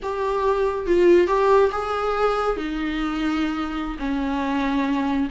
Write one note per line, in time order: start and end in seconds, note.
0.02 0.86 G4
0.86 1.27 F4
1.27 1.70 G4
1.71 2.56 G#4
2.56 3.97 D#4
3.98 5.28 C#4